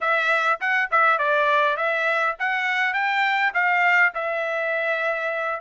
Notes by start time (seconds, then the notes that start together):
0.00 E5
0.60 F#5
0.91 E5
1.18 D5
1.76 E5
2.39 F#5
2.93 G5
3.53 F5
4.14 E5